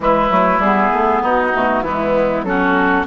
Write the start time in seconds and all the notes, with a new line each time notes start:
0.00 E3 G#3 E4 B4
0.29 F#3 A3
0.58 G3 B3 G#4
0.93 A3
1.22 B3 D#4 F#4
1.53 B2 A3
1.82 E3 G#3 B3 E4
2.42 F#3 C#4 F#4 A4